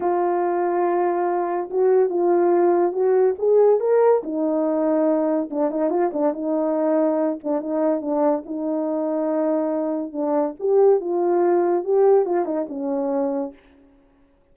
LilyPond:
\new Staff \with { instrumentName = "horn" } { \time 4/4 \tempo 4 = 142 f'1 | fis'4 f'2 fis'4 | gis'4 ais'4 dis'2~ | dis'4 d'8 dis'8 f'8 d'8 dis'4~ |
dis'4. d'8 dis'4 d'4 | dis'1 | d'4 g'4 f'2 | g'4 f'8 dis'8 cis'2 | }